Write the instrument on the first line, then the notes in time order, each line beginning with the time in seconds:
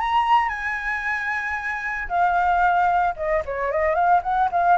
flute
0.00 A#5
0.49 G#5
2.09 F5
3.17 D#5
3.46 C#5
3.72 D#5
3.95 F5
4.23 F#5
4.52 F5